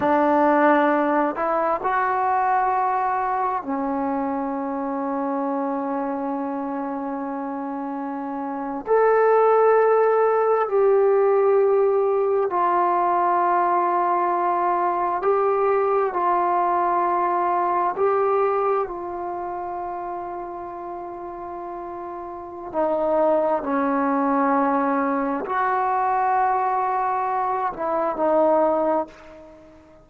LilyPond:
\new Staff \with { instrumentName = "trombone" } { \time 4/4 \tempo 4 = 66 d'4. e'8 fis'2 | cis'1~ | cis'4.~ cis'16 a'2 g'16~ | g'4.~ g'16 f'2~ f'16~ |
f'8. g'4 f'2 g'16~ | g'8. f'2.~ f'16~ | f'4 dis'4 cis'2 | fis'2~ fis'8 e'8 dis'4 | }